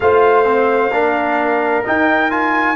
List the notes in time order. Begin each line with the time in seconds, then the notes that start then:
0.00 A3 F4 C5 F5
0.44 C4
0.90 A#3 D4 A#4
1.84 D#4 G5
2.29 F4 G#5